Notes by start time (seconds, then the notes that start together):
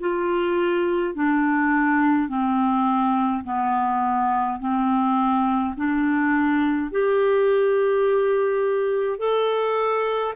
0.00 F4
1.15 D4
2.29 C4
3.44 B3
4.60 C4
5.77 D4
6.91 G4
9.19 A4